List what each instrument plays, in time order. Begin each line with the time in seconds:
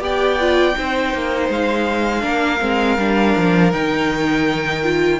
0.00 cello B3, viola G4, violin D5 G5
0.40 viola F4
0.73 cello C4, viola D#4, violin C5
1.13 cello A#3
1.49 cello G#3, violin F5
2.20 cello A#3, viola D4, violin A#4
2.60 cello G#3, viola C4
2.98 cello G3, viola D4
3.36 cello F3
3.72 cello D#3, viola D#4, violin G5
4.83 viola F4